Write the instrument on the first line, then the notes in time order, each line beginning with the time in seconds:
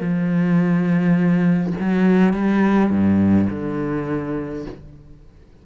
cello
0.00 F3
1.80 F#3
2.33 G3
2.91 G2
3.50 D3